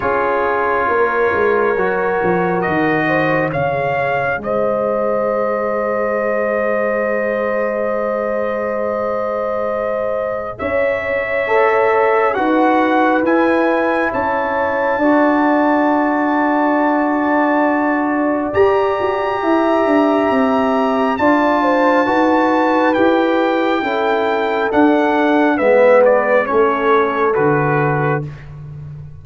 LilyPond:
<<
  \new Staff \with { instrumentName = "trumpet" } { \time 4/4 \tempo 4 = 68 cis''2. dis''4 | f''4 dis''2.~ | dis''1 | e''2 fis''4 gis''4 |
a''1~ | a''4 ais''2. | a''2 g''2 | fis''4 e''8 d''8 cis''4 b'4 | }
  \new Staff \with { instrumentName = "horn" } { \time 4/4 gis'4 ais'2~ ais'8 c''8 | cis''4 c''2.~ | c''1 | cis''2 b'2 |
cis''4 d''2.~ | d''2 e''2 | d''8 c''8 b'2 a'4~ | a'4 b'4 a'2 | }
  \new Staff \with { instrumentName = "trombone" } { \time 4/4 f'2 fis'2 | gis'1~ | gis'1~ | gis'4 a'4 fis'4 e'4~ |
e'4 fis'2.~ | fis'4 g'2. | f'4 fis'4 g'4 e'4 | d'4 b4 cis'4 fis'4 | }
  \new Staff \with { instrumentName = "tuba" } { \time 4/4 cis'4 ais8 gis8 fis8 f8 dis4 | cis4 gis2.~ | gis1 | cis'2 dis'4 e'4 |
cis'4 d'2.~ | d'4 g'8 fis'8 e'8 d'8 c'4 | d'4 dis'4 e'4 cis'4 | d'4 gis4 a4 d4 | }
>>